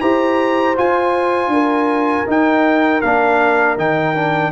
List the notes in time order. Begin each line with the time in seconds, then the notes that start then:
0.00 E4 G4 C5 A#5
0.76 F4 G#5
1.47 D4 A#4
2.27 D#4 G5
3.01 A#3 D4 F5
3.77 D#3 D#4 G5
4.15 D4